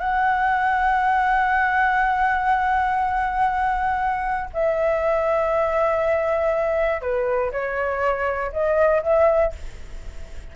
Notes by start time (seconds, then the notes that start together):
0.00 F#5
4.53 E5
7.01 B4
7.52 C#5
8.52 D#5
9.03 E5